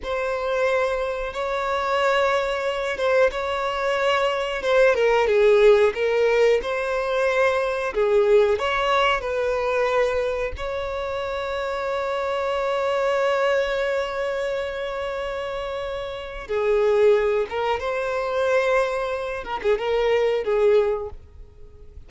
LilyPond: \new Staff \with { instrumentName = "violin" } { \time 4/4 \tempo 4 = 91 c''2 cis''2~ | cis''8 c''8 cis''2 c''8 ais'8 | gis'4 ais'4 c''2 | gis'4 cis''4 b'2 |
cis''1~ | cis''1~ | cis''4 gis'4. ais'8 c''4~ | c''4. ais'16 gis'16 ais'4 gis'4 | }